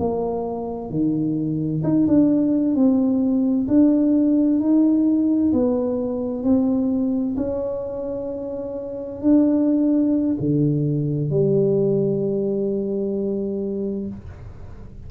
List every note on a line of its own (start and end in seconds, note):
0.00 0.90 A#3
0.90 1.83 D#3
1.84 2.07 D#4
2.08 2.75 D4
2.75 3.68 C4
3.68 4.60 D4
4.60 5.53 D#4
5.53 6.44 B3
6.44 7.36 C4
7.37 9.22 C#4
9.22 10.37 D4
10.41 11.31 D3
11.31 14.08 G3